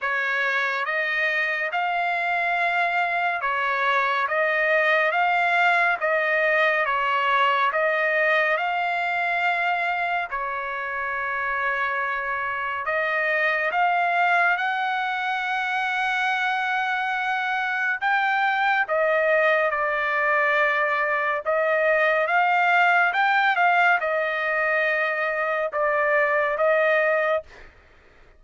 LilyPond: \new Staff \with { instrumentName = "trumpet" } { \time 4/4 \tempo 4 = 70 cis''4 dis''4 f''2 | cis''4 dis''4 f''4 dis''4 | cis''4 dis''4 f''2 | cis''2. dis''4 |
f''4 fis''2.~ | fis''4 g''4 dis''4 d''4~ | d''4 dis''4 f''4 g''8 f''8 | dis''2 d''4 dis''4 | }